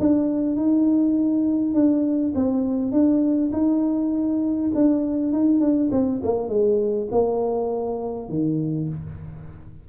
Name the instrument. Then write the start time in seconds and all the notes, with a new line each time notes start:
tuba
0.00 D4
0.57 D#4
1.74 D4
2.35 C4
2.92 D4
3.53 D#4
4.75 D4
5.33 D#4
5.61 D4
5.92 C4
6.24 A#3
6.49 G#3
7.12 A#3
8.29 D#3